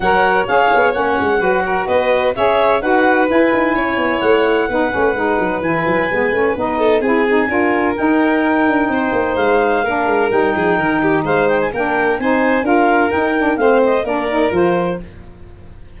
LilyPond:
<<
  \new Staff \with { instrumentName = "clarinet" } { \time 4/4 \tempo 4 = 128 fis''4 f''4 fis''2 | dis''4 e''4 fis''4 gis''4~ | gis''4 fis''2. | gis''2 dis''4 gis''4~ |
gis''4 g''2. | f''2 g''2 | f''8 g''16 gis''16 g''4 gis''4 f''4 | g''4 f''8 dis''8 d''4 c''4 | }
  \new Staff \with { instrumentName = "violin" } { \time 4/4 cis''2. b'8 ais'8 | b'4 cis''4 b'2 | cis''2 b'2~ | b'2~ b'8 a'8 gis'4 |
ais'2. c''4~ | c''4 ais'4. gis'8 ais'8 g'8 | c''4 ais'4 c''4 ais'4~ | ais'4 c''4 ais'2 | }
  \new Staff \with { instrumentName = "saxophone" } { \time 4/4 ais'4 gis'4 cis'4 fis'4~ | fis'4 gis'4 fis'4 e'4~ | e'2 dis'8 cis'8 dis'4 | e'4 b8 cis'8 dis'4 e'8 dis'8 |
f'4 dis'2.~ | dis'4 d'4 dis'2~ | dis'4 d'4 dis'4 f'4 | dis'8 d'8 c'4 d'8 dis'8 f'4 | }
  \new Staff \with { instrumentName = "tuba" } { \time 4/4 fis4 cis'8 b8 ais8 gis8 fis4 | b4 cis'4 dis'4 e'8 dis'8 | cis'8 b8 a4 b8 a8 gis8 fis8 | e8 fis8 gis8 a8 b4 c'4 |
d'4 dis'4. d'8 c'8 ais8 | gis4 ais8 gis8 g8 f8 dis4 | gis4 ais4 c'4 d'4 | dis'4 a4 ais4 f4 | }
>>